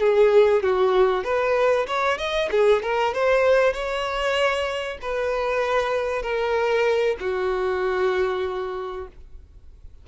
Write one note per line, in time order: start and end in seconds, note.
0.00 0.62 G#4
0.63 1.24 F#4
1.24 1.86 B4
1.87 2.18 C#5
2.18 2.49 D#5
2.51 2.82 G#4
2.82 3.14 A#4
3.14 3.73 C5
3.73 4.98 C#5
5.02 6.22 B4
6.22 7.16 A#4
7.20 9.07 F#4